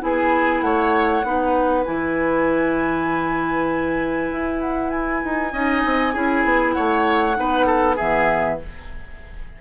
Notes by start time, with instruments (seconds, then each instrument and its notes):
0.00 bassoon B3, clarinet E4, oboe G#4, flute G#5
0.61 bassoon A3, oboe C#5, flute F#5
1.23 bassoon B3, clarinet D#4, oboe B4
1.85 bassoon E3, clarinet E4, flute G#5
4.31 bassoon E4
4.60 flute F#5
4.90 flute G#5
5.23 bassoon D#4
5.52 bassoon C#4, clarinet D#4, oboe D#5
5.85 bassoon C4
6.13 bassoon C#4, clarinet E4, oboe G#4
6.44 bassoon B3
6.72 bassoon A3, oboe C#5, flute F#5
7.34 bassoon B3, clarinet D#4, oboe B4
7.66 oboe A4
7.96 bassoon E3, clarinet B3, oboe G#4, flute E5